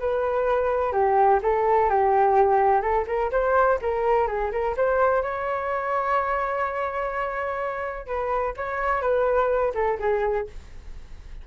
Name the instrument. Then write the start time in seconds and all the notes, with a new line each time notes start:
flute
0.00 B4
0.92 G4
1.43 A4
1.90 G4
2.82 A4
3.07 A#4
3.31 C5
3.82 A#4
4.27 G#4
4.52 A#4
4.77 C5
5.23 C#5
8.06 B4
8.57 C#5
9.02 B4
9.75 A4
10.00 G#4